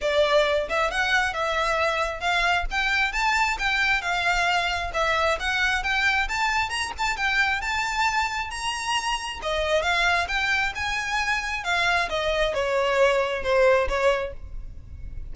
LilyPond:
\new Staff \with { instrumentName = "violin" } { \time 4/4 \tempo 4 = 134 d''4. e''8 fis''4 e''4~ | e''4 f''4 g''4 a''4 | g''4 f''2 e''4 | fis''4 g''4 a''4 ais''8 a''8 |
g''4 a''2 ais''4~ | ais''4 dis''4 f''4 g''4 | gis''2 f''4 dis''4 | cis''2 c''4 cis''4 | }